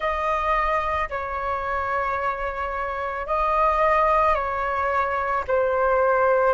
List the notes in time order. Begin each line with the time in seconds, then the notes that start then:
0.00 D#5
1.09 C#5
3.27 D#5
4.34 C#5
5.47 C5